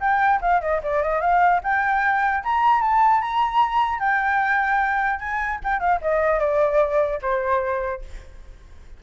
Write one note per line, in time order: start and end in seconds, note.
0.00 0.40 G5
0.41 0.61 F5
0.61 0.81 D#5
0.83 1.03 D5
1.03 1.21 D#5
1.21 1.61 F5
1.63 2.43 G5
2.44 2.81 A#5
2.81 3.21 A5
3.21 3.99 A#5
3.99 5.19 G5
5.19 5.59 G#5
5.64 5.80 G5
5.80 6.00 F5
6.01 6.39 D#5
6.39 7.19 D5
7.22 8.02 C5